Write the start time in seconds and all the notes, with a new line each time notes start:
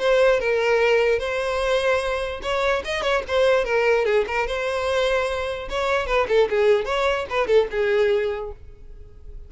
0.00 C5
0.40 A#4
1.19 C5
2.43 C#5
2.85 D#5
3.03 C#5
3.28 C5
3.65 A#4
4.05 G#4
4.28 A#4
4.47 C5
5.70 C#5
6.07 B4
6.29 A4
6.50 G#4
6.86 C#5
7.30 B4
7.47 A4
7.71 G#4